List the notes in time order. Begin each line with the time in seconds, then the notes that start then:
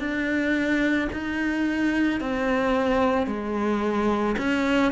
0.00 D4
1.13 D#4
2.21 C4
3.27 G#3
4.38 C#4